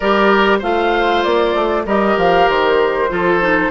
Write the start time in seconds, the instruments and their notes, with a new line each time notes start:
0.00 bassoon G3, clarinet G4, oboe A#4, flute D5
0.59 bassoon A3, clarinet F4, oboe C5, flute F5
1.23 bassoon A#3, flute D5
1.54 bassoon A3
1.85 bassoon G3, clarinet G4, oboe A#4, flute D#5
2.17 bassoon F3, flute F5
2.48 bassoon D#3, flute C5
3.09 bassoon F3, clarinet F4, oboe A4
3.40 clarinet D#4